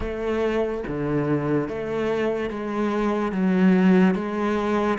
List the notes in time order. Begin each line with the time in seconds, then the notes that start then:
0.00 A3
0.87 D3
1.68 A3
2.50 G#3
3.31 F#3
4.14 G#3